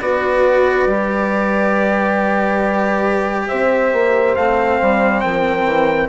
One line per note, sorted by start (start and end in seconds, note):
0.00 0.86 B3
0.00 0.88 F#4
0.00 3.47 B4
0.00 3.48 D5
0.86 3.47 G3
0.86 4.36 G4
3.47 3.92 C4
3.47 5.21 C5
3.47 4.35 E5
3.92 4.36 A#3
4.35 4.79 A3
4.35 6.09 C4
4.35 5.20 F5
4.81 5.24 G3
5.20 5.64 F3
5.20 6.09 A#4
5.20 6.07 G5
5.64 6.08 E3